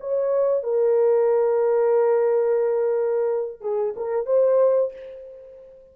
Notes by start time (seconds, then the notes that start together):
0.00 C#5
0.63 A#4
3.61 G#4
3.96 A#4
4.26 C5